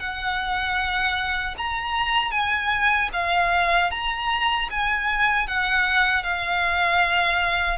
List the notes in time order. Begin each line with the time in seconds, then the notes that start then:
0.00 F#5
1.58 A#5
2.32 G#5
3.13 F5
3.91 A#5
4.71 G#5
5.47 F#5
6.24 F5